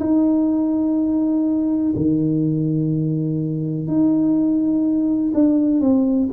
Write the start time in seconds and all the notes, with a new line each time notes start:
0.00 D#4
1.96 D#3
3.88 D#4
5.34 D4
5.81 C4